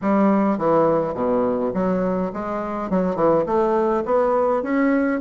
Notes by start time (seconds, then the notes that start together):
0.01 G3
0.57 E3
1.14 B2
1.73 F#3
2.33 G#3
2.90 F#3
3.15 E3
3.45 A3
4.05 B3
4.62 C#4